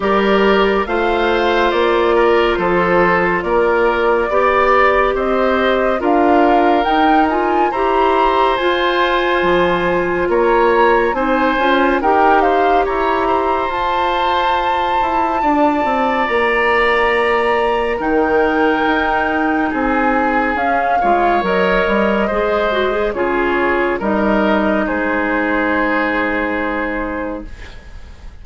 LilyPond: <<
  \new Staff \with { instrumentName = "flute" } { \time 4/4 \tempo 4 = 70 d''4 f''4 d''4 c''4 | d''2 dis''4 f''4 | g''8 gis''8 ais''4 gis''2 | ais''4 gis''4 g''8 f''8 ais''4 |
a''2. ais''4~ | ais''4 g''2 gis''4 | f''4 dis''2 cis''4 | dis''4 c''2. | }
  \new Staff \with { instrumentName = "oboe" } { \time 4/4 ais'4 c''4. ais'8 a'4 | ais'4 d''4 c''4 ais'4~ | ais'4 c''2. | cis''4 c''4 ais'8 c''8 cis''8 c''8~ |
c''2 d''2~ | d''4 ais'2 gis'4~ | gis'8 cis''4. c''4 gis'4 | ais'4 gis'2. | }
  \new Staff \with { instrumentName = "clarinet" } { \time 4/4 g'4 f'2.~ | f'4 g'2 f'4 | dis'8 f'8 g'4 f'2~ | f'4 dis'8 f'8 g'2 |
f'1~ | f'4 dis'2. | cis'8 f'8 ais'4 gis'8 fis'16 gis'16 f'4 | dis'1 | }
  \new Staff \with { instrumentName = "bassoon" } { \time 4/4 g4 a4 ais4 f4 | ais4 b4 c'4 d'4 | dis'4 e'4 f'4 f4 | ais4 c'8 cis'8 dis'4 e'4 |
f'4. e'8 d'8 c'8 ais4~ | ais4 dis4 dis'4 c'4 | cis'8 gis8 fis8 g8 gis4 cis4 | g4 gis2. | }
>>